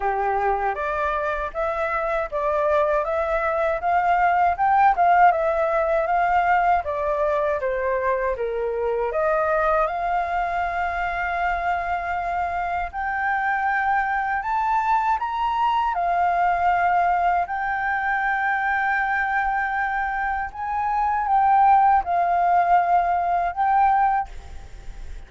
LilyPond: \new Staff \with { instrumentName = "flute" } { \time 4/4 \tempo 4 = 79 g'4 d''4 e''4 d''4 | e''4 f''4 g''8 f''8 e''4 | f''4 d''4 c''4 ais'4 | dis''4 f''2.~ |
f''4 g''2 a''4 | ais''4 f''2 g''4~ | g''2. gis''4 | g''4 f''2 g''4 | }